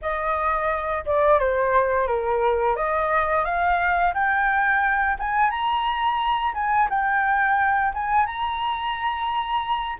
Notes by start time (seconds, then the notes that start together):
0.01 D#5
1.05 D5
1.39 C5
2.07 A#4
2.76 D#5
3.44 F5
4.13 G5
5.19 G#5
5.50 A#5
6.53 G#5
6.89 G5
7.93 G#5
8.26 A#5